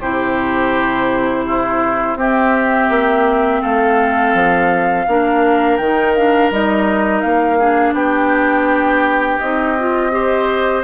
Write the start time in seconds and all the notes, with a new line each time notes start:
0.00 C3 E4 G4 C5
1.47 E4
2.15 C4 G4 E5
2.89 A#3
3.61 A3 A4 F5
4.34 F3
5.07 A#3 D4 A#4
5.77 D#3 D#4 G5
6.14 D4 F5
6.50 G3 D#4 D#5
7.21 A#3 F5
7.58 D4 G#4
7.93 B3 G4 G5
9.39 C4 D#4 D#5
9.78 F4
10.11 G4 C5